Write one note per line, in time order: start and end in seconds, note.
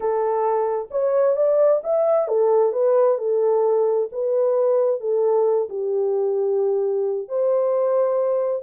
0.00 0.88 A4
0.90 1.36 C#5
1.36 1.81 D5
1.83 2.27 E5
2.27 2.72 A4
2.72 3.17 B4
3.18 4.08 A4
4.11 5.00 B4
5.00 5.68 A4
5.69 7.28 G4
7.28 8.62 C5